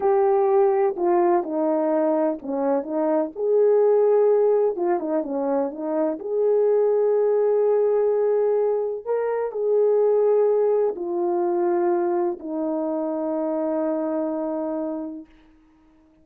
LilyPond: \new Staff \with { instrumentName = "horn" } { \time 4/4 \tempo 4 = 126 g'2 f'4 dis'4~ | dis'4 cis'4 dis'4 gis'4~ | gis'2 f'8 dis'8 cis'4 | dis'4 gis'2.~ |
gis'2. ais'4 | gis'2. f'4~ | f'2 dis'2~ | dis'1 | }